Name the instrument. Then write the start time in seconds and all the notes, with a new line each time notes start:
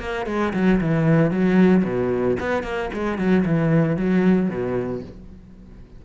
cello
0.00 A#3
0.26 G#3
0.53 F#3
0.81 E3
1.31 F#3
1.84 B2
2.40 B3
2.63 A#3
2.93 G#3
3.18 F#3
3.45 E3
3.97 F#3
4.49 B2